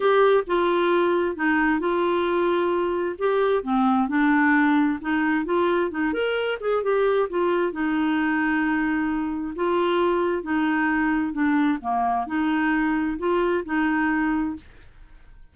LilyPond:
\new Staff \with { instrumentName = "clarinet" } { \time 4/4 \tempo 4 = 132 g'4 f'2 dis'4 | f'2. g'4 | c'4 d'2 dis'4 | f'4 dis'8 ais'4 gis'8 g'4 |
f'4 dis'2.~ | dis'4 f'2 dis'4~ | dis'4 d'4 ais4 dis'4~ | dis'4 f'4 dis'2 | }